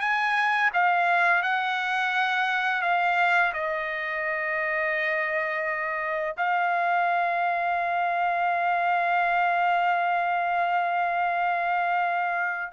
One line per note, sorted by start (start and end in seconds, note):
0.00 0.71 G#5
0.73 1.42 F5
1.42 2.82 F#5
2.82 3.53 F5
3.54 6.36 D#5
6.37 12.73 F5